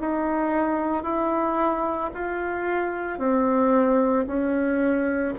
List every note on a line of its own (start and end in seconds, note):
0.00 1.03 D#4
1.03 2.10 E4
2.14 3.19 F4
3.19 4.26 C4
4.27 5.34 C#4